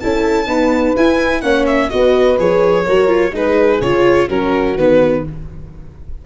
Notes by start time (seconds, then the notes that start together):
0.00 C#4 E4 A4 A5
0.47 B3 D#4 B4
0.96 E4 G#5
1.41 A#3 C#4 C#5 F#5
1.67 E5
1.90 B3 F#4 B4 D#5
2.38 F3 G#4 C#5
2.86 F#3 F#4 A#4
3.07 F4
3.32 G#3 D#4 G#4 B4
3.81 C#3 F4 C#5
4.28 F#3 C#4 F#4 A#4
4.76 D#3 B3 B4